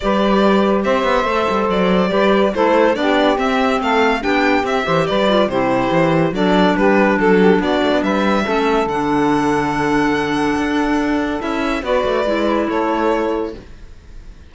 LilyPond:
<<
  \new Staff \with { instrumentName = "violin" } { \time 4/4 \tempo 4 = 142 d''2 e''2 | d''2 c''4 d''4 | e''4 f''4 g''4 e''4 | d''4 c''2 d''4 |
b'4 a'4 d''4 e''4~ | e''4 fis''2.~ | fis''2. e''4 | d''2 cis''2 | }
  \new Staff \with { instrumentName = "saxophone" } { \time 4/4 b'2 c''2~ | c''4 b'4 a'4 g'4~ | g'4 a'4 g'4. c''8 | b'4 g'2 a'4 |
g'4 a'8 g'8 fis'4 b'4 | a'1~ | a'1 | b'2 a'2 | }
  \new Staff \with { instrumentName = "clarinet" } { \time 4/4 g'2. a'4~ | a'4 g'4 e'4 d'4 | c'2 d'4 c'8 g'8~ | g'8 f'8 e'2 d'4~ |
d'1 | cis'4 d'2.~ | d'2. e'4 | fis'4 e'2. | }
  \new Staff \with { instrumentName = "cello" } { \time 4/4 g2 c'8 b8 a8 g8 | fis4 g4 a4 b4 | c'4 a4 b4 c'8 e8 | g4 c4 e4 fis4 |
g4 fis4 b8 a16 b16 g4 | a4 d2.~ | d4 d'2 cis'4 | b8 a8 gis4 a2 | }
>>